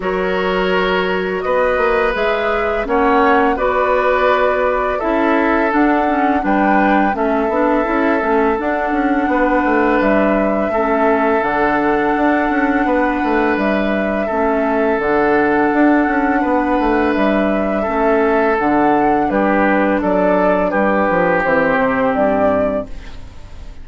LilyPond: <<
  \new Staff \with { instrumentName = "flute" } { \time 4/4 \tempo 4 = 84 cis''2 dis''4 e''4 | fis''4 d''2 e''4 | fis''4 g''4 e''2 | fis''2 e''2 |
fis''2. e''4~ | e''4 fis''2. | e''2 fis''4 b'4 | d''4 b'4 c''4 d''4 | }
  \new Staff \with { instrumentName = "oboe" } { \time 4/4 ais'2 b'2 | cis''4 b'2 a'4~ | a'4 b'4 a'2~ | a'4 b'2 a'4~ |
a'2 b'2 | a'2. b'4~ | b'4 a'2 g'4 | a'4 g'2. | }
  \new Staff \with { instrumentName = "clarinet" } { \time 4/4 fis'2. gis'4 | cis'4 fis'2 e'4 | d'8 cis'8 d'4 cis'8 d'8 e'8 cis'8 | d'2. cis'4 |
d'1 | cis'4 d'2.~ | d'4 cis'4 d'2~ | d'2 c'2 | }
  \new Staff \with { instrumentName = "bassoon" } { \time 4/4 fis2 b8 ais8 gis4 | ais4 b2 cis'4 | d'4 g4 a8 b8 cis'8 a8 | d'8 cis'8 b8 a8 g4 a4 |
d4 d'8 cis'8 b8 a8 g4 | a4 d4 d'8 cis'8 b8 a8 | g4 a4 d4 g4 | fis4 g8 f8 e8 c8 g,4 | }
>>